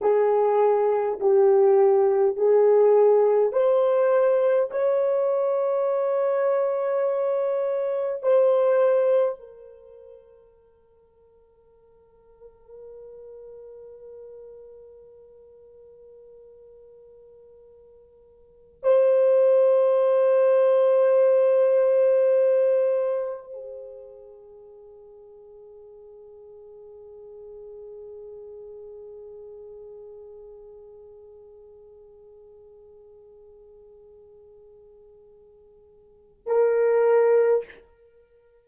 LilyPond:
\new Staff \with { instrumentName = "horn" } { \time 4/4 \tempo 4 = 51 gis'4 g'4 gis'4 c''4 | cis''2. c''4 | ais'1~ | ais'1 |
c''1 | gis'1~ | gis'1~ | gis'2. ais'4 | }